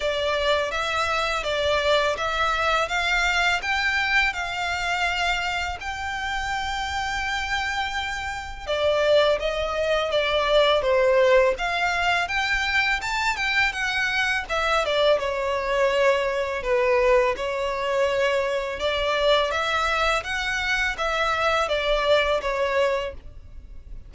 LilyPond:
\new Staff \with { instrumentName = "violin" } { \time 4/4 \tempo 4 = 83 d''4 e''4 d''4 e''4 | f''4 g''4 f''2 | g''1 | d''4 dis''4 d''4 c''4 |
f''4 g''4 a''8 g''8 fis''4 | e''8 d''8 cis''2 b'4 | cis''2 d''4 e''4 | fis''4 e''4 d''4 cis''4 | }